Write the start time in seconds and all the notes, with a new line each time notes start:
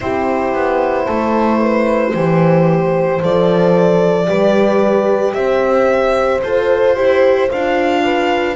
0.00 C4 E4 G4 C5
0.54 B3
1.05 A3 A4
1.60 B4
2.13 E3 G4 C5
3.21 F3 A4 D5
4.27 G3 G4 B4
5.33 C4 C5 E5
6.42 F4 A4 C5
6.95 E4 G4
7.50 D4 F4 F5
8.04 B4